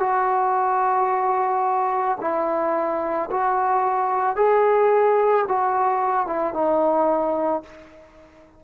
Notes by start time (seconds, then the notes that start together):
0.00 F#4
2.21 E4
3.31 F#4
4.36 G#4
5.48 F#4
6.27 E4
6.54 D#4